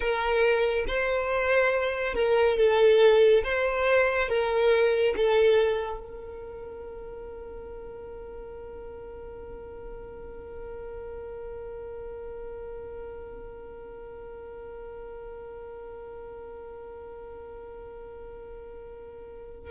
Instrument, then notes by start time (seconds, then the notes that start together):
violin
0.00 A#4
0.87 C5
2.14 A#4
2.57 A4
3.43 C5
4.29 A#4
5.16 A4
6.00 A#4